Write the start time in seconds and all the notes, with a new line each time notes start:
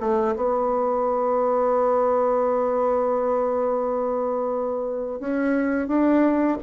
0.00 A3
0.36 B3
5.19 C#4
5.87 D4